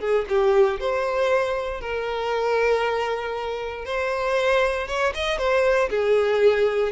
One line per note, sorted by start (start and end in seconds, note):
0.00 0.26 G#4
0.29 0.80 G4
0.80 1.81 C5
1.81 3.85 A#4
3.85 4.88 C5
4.88 5.14 C#5
5.15 5.38 D#5
5.38 5.90 C5
5.90 6.92 G#4